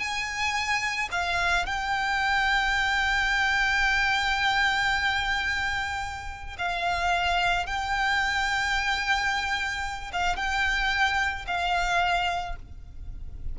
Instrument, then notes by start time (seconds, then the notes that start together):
violin
0.00 G#5
1.12 F5
1.66 G5
6.59 F5
7.66 G5
10.13 F5
10.37 G5
11.47 F5